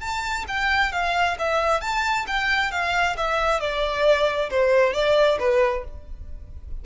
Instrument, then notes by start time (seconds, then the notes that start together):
violin
0.00 A5
0.47 G5
0.92 F5
1.38 E5
1.81 A5
2.27 G5
2.71 F5
3.17 E5
3.60 D5
4.50 C5
4.93 D5
5.39 B4